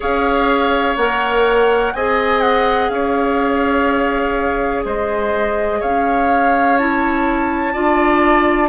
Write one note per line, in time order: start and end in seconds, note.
0.00 0.97 C#4
0.00 0.96 G#4
0.00 1.93 C#5
0.00 0.96 F5
0.96 1.93 A#3
0.96 1.95 A#4
0.96 1.93 F#5
1.93 2.89 C4
1.93 6.79 G#4
1.93 2.92 D#5
1.93 2.41 G#5
2.41 2.89 F#5
2.89 4.83 C#4
2.89 4.85 C#5
2.89 4.82 F5
4.84 5.81 G#3
4.84 5.79 C5
4.84 5.82 D#5
5.79 7.76 C#4
5.79 7.73 C#5
5.79 6.77 F5
6.77 7.73 E4
6.77 8.69 A5
7.73 8.69 D4
7.73 8.69 F4
7.73 8.69 D5